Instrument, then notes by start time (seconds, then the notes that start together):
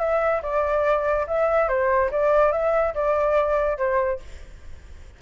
flute
0.00 E5
0.43 D5
1.28 E5
1.68 C5
2.11 D5
2.52 E5
2.95 D5
3.78 C5